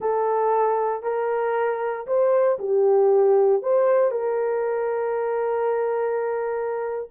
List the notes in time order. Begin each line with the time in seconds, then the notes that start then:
0.00 A4
1.03 A#4
2.06 C5
2.59 G4
3.62 C5
4.11 A#4